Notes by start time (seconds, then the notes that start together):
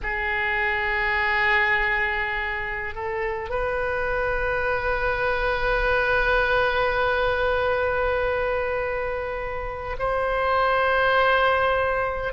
0.03 G#4
2.94 A4
3.49 B4
9.98 C5